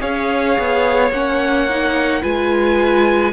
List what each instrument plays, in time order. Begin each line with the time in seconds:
0.00 cello C#4, viola G#4, violin C#5 F5
0.59 cello B3
1.11 cello A#3, viola C#4, violin F#5
1.69 viola D#4
2.22 cello G#3, viola F4, violin B4 G#5